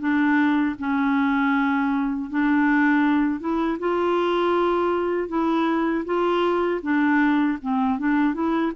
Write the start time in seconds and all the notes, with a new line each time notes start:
0.00 D4
0.79 C#4
2.30 D4
3.40 E4
3.79 F4
5.29 E4
6.05 F4
6.82 D4
7.62 C4
7.99 D4
8.34 E4